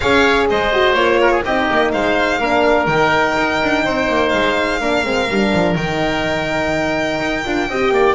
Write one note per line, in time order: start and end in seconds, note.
0.00 0.49 C#4
0.00 0.73 G#4
0.00 0.48 C#5
0.00 0.47 F5
0.49 0.94 G#3
0.49 1.21 C5
0.49 0.94 D#5
0.73 0.96 F#4
0.94 1.42 A#3
0.94 1.44 F4
0.94 1.42 C#5
1.21 1.31 A#4
1.31 1.43 G#4
1.44 1.69 C4
1.44 2.41 D#4
1.44 1.92 G4
1.44 1.91 D#5
1.70 1.93 A#3
1.91 2.39 G#3
1.91 2.40 C5
1.91 2.85 F5
2.39 2.86 A#3
2.39 2.88 D4
2.39 3.84 A#4
2.85 3.34 D#3
2.85 4.80 D#4
2.85 4.29 G5
3.36 3.60 D#4
3.62 3.86 D4
3.84 4.08 C4
3.84 4.80 C5
4.08 4.32 A#3
4.29 4.80 G#3
4.29 5.73 F5
4.80 5.04 A#3
4.80 5.04 D4
4.80 7.68 A#4
5.04 5.28 G#3
5.04 5.28 C4
5.29 5.53 G3
5.29 5.78 D4
5.53 5.75 F3
5.75 7.19 D#3
5.75 7.44 D#4
5.75 8.15 G5
7.20 7.44 D#4
7.44 7.68 D4
7.44 7.68 F4
7.68 7.91 C4
7.68 8.15 G4
7.68 7.93 D#5
7.91 8.14 A#3
7.91 8.15 D5